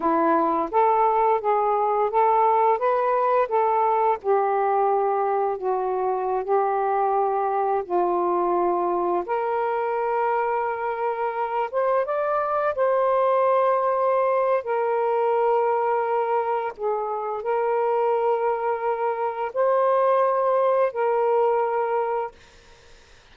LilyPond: \new Staff \with { instrumentName = "saxophone" } { \time 4/4 \tempo 4 = 86 e'4 a'4 gis'4 a'4 | b'4 a'4 g'2 | fis'4~ fis'16 g'2 f'8.~ | f'4~ f'16 ais'2~ ais'8.~ |
ais'8. c''8 d''4 c''4.~ c''16~ | c''4 ais'2. | gis'4 ais'2. | c''2 ais'2 | }